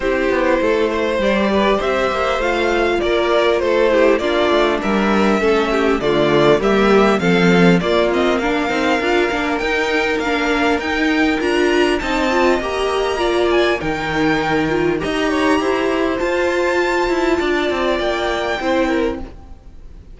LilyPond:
<<
  \new Staff \with { instrumentName = "violin" } { \time 4/4 \tempo 4 = 100 c''2 d''4 e''4 | f''4 d''4 c''4 d''4 | e''2 d''4 e''4 | f''4 d''8 dis''8 f''2 |
g''4 f''4 g''4 ais''4 | a''4 ais''4. gis''8 g''4~ | g''4 ais''2 a''4~ | a''2 g''2 | }
  \new Staff \with { instrumentName = "violin" } { \time 4/4 g'4 a'8 c''4 b'8 c''4~ | c''4 ais'4 a'8 g'8 f'4 | ais'4 a'8 g'8 f'4 g'4 | a'4 f'4 ais'2~ |
ais'1 | dis''2 d''4 ais'4~ | ais'4 dis''8 cis''8 c''2~ | c''4 d''2 c''8 ais'8 | }
  \new Staff \with { instrumentName = "viola" } { \time 4/4 e'2 g'2 | f'2~ f'8 e'8 d'4~ | d'4 cis'4 a4 ais4 | c'4 ais8 c'8 d'8 dis'8 f'8 d'8 |
dis'4 d'4 dis'4 f'4 | dis'8 f'8 g'4 f'4 dis'4~ | dis'8 f'8 g'2 f'4~ | f'2. e'4 | }
  \new Staff \with { instrumentName = "cello" } { \time 4/4 c'8 b8 a4 g4 c'8 ais8 | a4 ais4 a4 ais8 a8 | g4 a4 d4 g4 | f4 ais4. c'8 d'8 ais8 |
dis'4 ais4 dis'4 d'4 | c'4 ais2 dis4~ | dis4 dis'4 e'4 f'4~ | f'8 e'8 d'8 c'8 ais4 c'4 | }
>>